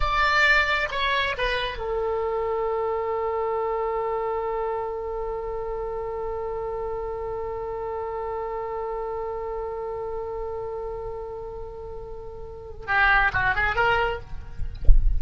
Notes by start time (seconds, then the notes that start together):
0.00 D5
0.91 C#5
1.37 B4
1.77 A4
12.87 G4
13.33 F#4
13.55 G#4
13.75 A#4